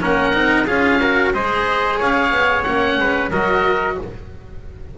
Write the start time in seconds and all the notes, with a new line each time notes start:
0.00 A#3 C#4 A#4 F#5
0.33 C4 D#4
0.66 C#4 F4 G#4 F5
1.00 F#4 A#4
1.33 G#3 G#4 C5 D#5
1.98 C#4 C#5 F5
2.30 B3
2.63 A#3 C#4 F#5
2.98 G#3 B4
3.31 F#3 F#4 A#4 D#5